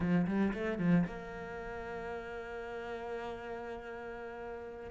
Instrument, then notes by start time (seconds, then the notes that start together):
cello
0.00 F3
0.26 G3
0.53 A3
0.78 F3
1.06 A#3